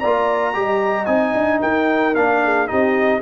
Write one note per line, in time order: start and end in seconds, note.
0.00 0.55 A#3
0.00 0.54 F4
0.00 0.54 D5
0.00 1.06 A#5
0.54 1.07 G3
0.54 1.07 G4
0.54 1.61 D#5
1.06 1.34 C4
1.06 2.14 D#4
1.06 1.59 G#5
1.35 1.62 D4
1.61 2.16 D#4
1.61 2.42 A#4
1.61 2.15 G5
2.15 2.70 A#3
2.15 2.68 D4
2.15 2.68 F5
2.44 2.70 G#4
2.68 3.22 C4
2.68 3.21 D#4
2.68 3.22 G4
2.68 3.21 D#5